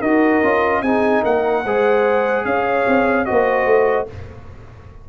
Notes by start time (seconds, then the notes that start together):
0.00 D#4 F#4 A#4 D#5
0.43 C#4 F4
0.81 C4 D#4 G#4 G#5
1.22 A#3 A#4 F#5
1.64 G#3 G#4 C5
2.45 C#4 C#5 F5
2.87 C4
3.24 A#3 F#4 C5 D#5
3.65 A3